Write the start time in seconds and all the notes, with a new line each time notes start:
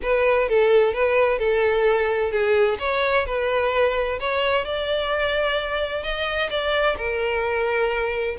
0.02 B4
0.48 A4
0.93 B4
1.38 A4
2.31 G#4
2.79 C#5
3.26 B4
4.19 C#5
4.64 D5
6.03 D#5
6.49 D5
6.97 A#4